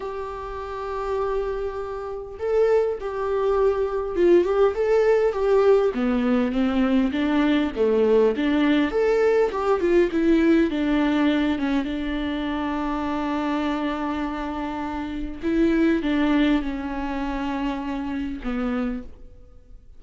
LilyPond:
\new Staff \with { instrumentName = "viola" } { \time 4/4 \tempo 4 = 101 g'1 | a'4 g'2 f'8 g'8 | a'4 g'4 b4 c'4 | d'4 a4 d'4 a'4 |
g'8 f'8 e'4 d'4. cis'8 | d'1~ | d'2 e'4 d'4 | cis'2. b4 | }